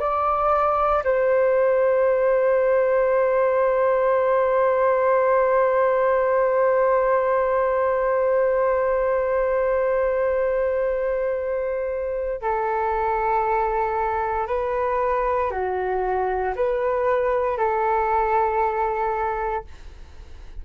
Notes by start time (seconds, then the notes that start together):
0.00 D5
1.04 C5
12.42 A4
14.48 B4
15.51 F#4
16.56 B4
17.58 A4